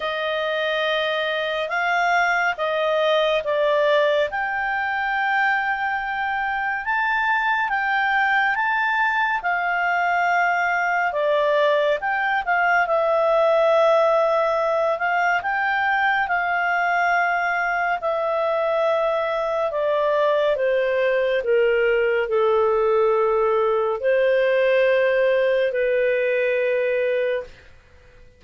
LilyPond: \new Staff \with { instrumentName = "clarinet" } { \time 4/4 \tempo 4 = 70 dis''2 f''4 dis''4 | d''4 g''2. | a''4 g''4 a''4 f''4~ | f''4 d''4 g''8 f''8 e''4~ |
e''4. f''8 g''4 f''4~ | f''4 e''2 d''4 | c''4 ais'4 a'2 | c''2 b'2 | }